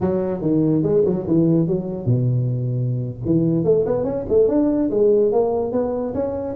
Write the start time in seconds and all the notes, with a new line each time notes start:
0.00 F#3
0.41 D#3
0.82 G#3
1.05 F#3
1.26 E3
1.67 F#3
2.05 B2
3.25 E3
3.64 A3
3.86 B3
4.04 C#4
4.29 A3
4.48 D4
4.90 G#3
5.31 A#3
5.71 B3
6.14 C#4